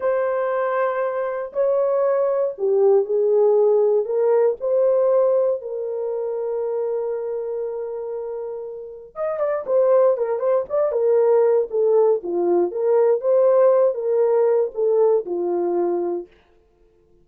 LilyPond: \new Staff \with { instrumentName = "horn" } { \time 4/4 \tempo 4 = 118 c''2. cis''4~ | cis''4 g'4 gis'2 | ais'4 c''2 ais'4~ | ais'1~ |
ais'2 dis''8 d''8 c''4 | ais'8 c''8 d''8 ais'4. a'4 | f'4 ais'4 c''4. ais'8~ | ais'4 a'4 f'2 | }